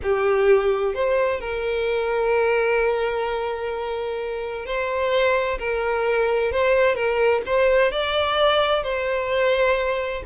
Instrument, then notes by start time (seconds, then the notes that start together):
violin
0.02 G4
0.94 C5
1.40 A#4
4.65 C5
5.58 A#4
6.52 C5
6.95 A#4
7.45 C5
7.91 D5
8.83 C5